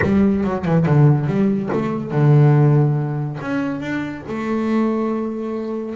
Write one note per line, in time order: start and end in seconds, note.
0.01 0.44 G3
0.44 0.65 F#3
0.65 0.86 E3
0.86 1.26 D3
1.26 1.69 G3
1.72 2.11 A3
2.11 3.38 D3
3.41 3.80 C#4
3.80 4.23 D4
4.27 5.95 A3